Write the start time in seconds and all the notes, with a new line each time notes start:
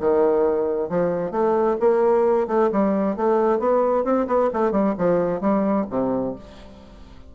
0.00 D#3
0.89 F3
1.31 A3
1.80 A#3
2.47 A3
2.72 G3
3.16 A3
3.59 B3
4.04 C4
4.27 B3
4.53 A3
4.71 G3
4.98 F3
5.40 G3
5.89 C3